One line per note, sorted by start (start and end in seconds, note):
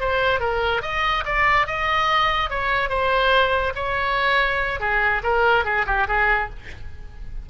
0.00 0.40 C5
0.40 0.82 A#4
0.82 1.24 D#5
1.25 1.67 D5
1.67 2.50 D#5
2.50 2.89 C#5
2.89 3.73 C5
3.75 4.80 C#5
4.80 5.22 G#4
5.23 5.65 A#4
5.65 5.86 G#4
5.86 6.07 G4
6.07 6.49 G#4